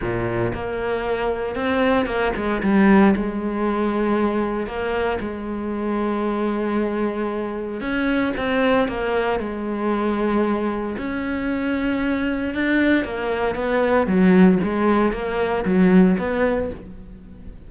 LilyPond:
\new Staff \with { instrumentName = "cello" } { \time 4/4 \tempo 4 = 115 ais,4 ais2 c'4 | ais8 gis8 g4 gis2~ | gis4 ais4 gis2~ | gis2. cis'4 |
c'4 ais4 gis2~ | gis4 cis'2. | d'4 ais4 b4 fis4 | gis4 ais4 fis4 b4 | }